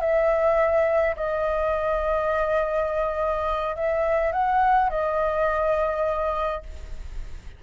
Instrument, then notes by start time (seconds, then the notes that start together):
flute
0.00 E5
1.16 D#5
3.76 E5
4.32 F#5
4.90 D#5